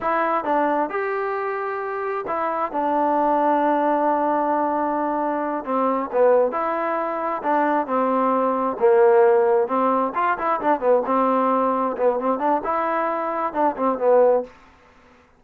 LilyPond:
\new Staff \with { instrumentName = "trombone" } { \time 4/4 \tempo 4 = 133 e'4 d'4 g'2~ | g'4 e'4 d'2~ | d'1~ | d'8 c'4 b4 e'4.~ |
e'8 d'4 c'2 ais8~ | ais4. c'4 f'8 e'8 d'8 | b8 c'2 b8 c'8 d'8 | e'2 d'8 c'8 b4 | }